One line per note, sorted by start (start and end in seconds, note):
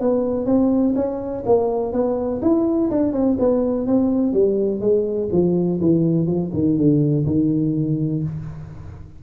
0.00 0.46 B3
0.46 0.94 C4
0.95 1.44 C#4
1.45 1.92 A#3
1.92 2.41 B3
2.42 2.90 E4
2.90 3.12 D4
3.12 3.37 C4
3.39 3.86 B3
3.86 4.33 C4
4.33 4.80 G3
4.80 5.29 G#3
5.32 5.80 F3
5.80 6.26 E3
6.26 6.50 F3
6.53 6.77 D#3
6.77 7.25 D3
7.26 8.23 D#3